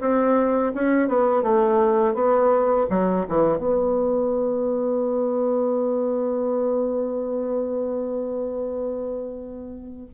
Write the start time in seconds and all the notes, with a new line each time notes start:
0.00 C4
0.74 C#4
1.08 B3
1.43 A3
2.14 B3
2.90 F#3
3.29 E3
3.58 B3